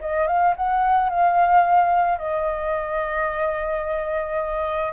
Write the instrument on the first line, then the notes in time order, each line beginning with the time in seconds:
flute
0.00 D#5
0.27 F5
0.56 F#5
1.09 F5
2.18 D#5